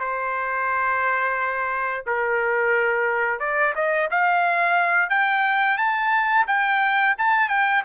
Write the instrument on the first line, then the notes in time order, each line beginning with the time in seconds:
trumpet
0.00 C5
2.07 A#4
3.40 D5
3.76 D#5
4.11 F5
5.10 G5
5.78 A5
6.48 G5
7.18 A5
7.49 G5